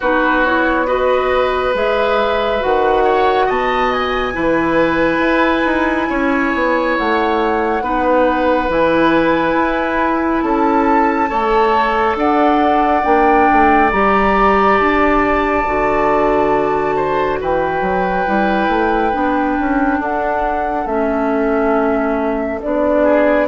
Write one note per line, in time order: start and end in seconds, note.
0.00 1.74 B3
0.00 0.45 D#4
0.00 0.86 F#4
0.00 0.44 B4
0.44 0.87 E4
0.44 0.87 C#5
0.87 1.73 F#4
0.87 3.04 B4
0.87 1.74 D#5
1.73 2.61 G#3
1.73 2.60 G#4
1.73 2.62 E5
2.60 3.47 D#3
2.60 4.32 F#4
2.60 3.49 F#5
3.04 3.45 C#5
3.45 4.34 B2
3.45 4.32 D#5
3.45 3.92 A5
3.92 6.96 G#5
4.32 5.18 E3
4.32 7.80 E4
4.32 6.09 B4
5.18 5.62 E4
5.65 6.08 D#4
6.09 6.53 C#4
6.09 7.83 C#5
6.53 6.97 B3
6.97 7.81 A3
6.97 8.71 F#5
7.81 8.68 B3
7.81 8.68 D#4
7.81 10.43 B4
8.68 9.54 E3
8.68 11.28 E4
8.68 10.41 G#5
9.54 10.41 E4
10.41 11.29 C#4
10.41 11.29 A4
10.41 12.15 A5
11.28 12.15 A3
11.28 13.01 A4
11.28 12.16 C#5
12.15 13.02 D4
12.15 16.95 D5
12.15 13.03 F#5
13.03 13.48 A#3
13.03 13.90 D4
13.03 13.90 G5
13.52 13.93 A3
13.91 14.79 G3
13.91 15.65 G4
13.91 14.78 A#5
14.78 15.66 D4
14.78 17.39 A5
15.66 17.41 D3
15.66 18.26 F#4
16.95 17.39 C5
17.40 17.81 E3
17.40 19.99 B4
17.40 20.02 G5
17.81 18.24 F#3
18.26 18.68 G3
18.26 19.12 E4
18.68 19.11 A3
19.12 19.57 B3
19.12 20.86 D4
19.59 19.98 C#4
19.98 20.85 D4
19.98 23.02 A4
19.98 20.86 F#5
20.85 22.59 A3
20.85 22.60 C#4
20.85 22.60 E5
22.61 23.47 B3
22.61 23.47 D4
22.61 23.47 D5
23.02 23.45 G#4